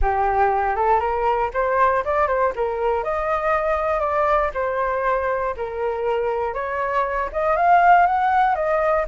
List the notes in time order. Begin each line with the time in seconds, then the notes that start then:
0.01 G4
0.76 A4
0.99 A#4
1.53 C5
2.04 D5
2.27 C5
2.55 A#4
3.03 D#5
4.00 D5
4.54 C5
5.56 A#4
6.54 C#5
7.32 D#5
7.56 F5
8.06 F#5
8.55 D#5